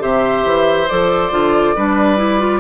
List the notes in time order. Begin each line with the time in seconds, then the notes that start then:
0.00 C3 G4 C5 E5
0.45 E3
0.89 F3 A4 D5
1.32 D3 F4
1.76 G3 D4 B4
2.18 E4
2.40 F4